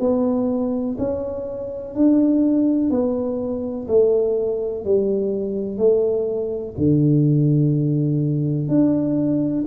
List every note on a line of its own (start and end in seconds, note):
0.00 0.97 B3
0.99 1.95 C#4
1.95 2.90 D4
2.90 3.87 B3
3.88 4.85 A3
4.85 5.78 G3
5.78 6.75 A3
6.77 8.68 D3
8.68 9.65 D4